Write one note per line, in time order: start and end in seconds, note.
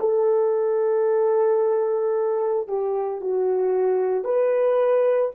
0.00 2.68 A4
2.68 3.21 G4
3.21 4.25 F#4
4.25 5.32 B4